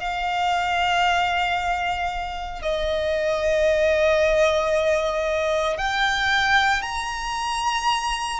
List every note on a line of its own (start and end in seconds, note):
0.00 2.62 F5
2.62 5.78 D#5
5.78 6.82 G5
6.82 8.40 A#5